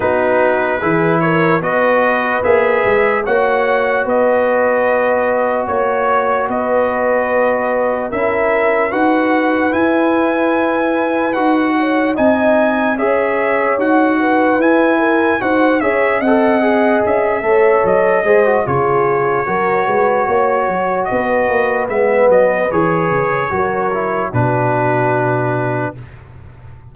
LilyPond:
<<
  \new Staff \with { instrumentName = "trumpet" } { \time 4/4 \tempo 4 = 74 b'4. cis''8 dis''4 e''4 | fis''4 dis''2 cis''4 | dis''2 e''4 fis''4 | gis''2 fis''4 gis''4 |
e''4 fis''4 gis''4 fis''8 e''8 | fis''4 e''4 dis''4 cis''4~ | cis''2 dis''4 e''8 dis''8 | cis''2 b'2 | }
  \new Staff \with { instrumentName = "horn" } { \time 4/4 fis'4 gis'8 ais'8 b'2 | cis''4 b'2 cis''4 | b'2 ais'4 b'4~ | b'2~ b'8 cis''8 dis''4 |
cis''4. b'4 ais'8 c''8 cis''8 | dis''4. cis''4 c''8 gis'4 | ais'8 b'8 cis''4 b'2~ | b'4 ais'4 fis'2 | }
  \new Staff \with { instrumentName = "trombone" } { \time 4/4 dis'4 e'4 fis'4 gis'4 | fis'1~ | fis'2 e'4 fis'4 | e'2 fis'4 dis'4 |
gis'4 fis'4 e'4 fis'8 gis'8 | a'8 gis'4 a'4 gis'16 fis'16 f'4 | fis'2. b4 | gis'4 fis'8 e'8 d'2 | }
  \new Staff \with { instrumentName = "tuba" } { \time 4/4 b4 e4 b4 ais8 gis8 | ais4 b2 ais4 | b2 cis'4 dis'4 | e'2 dis'4 c'4 |
cis'4 dis'4 e'4 dis'8 cis'8 | c'4 cis'8 a8 fis8 gis8 cis4 | fis8 gis8 ais8 fis8 b8 ais8 gis8 fis8 | e8 cis8 fis4 b,2 | }
>>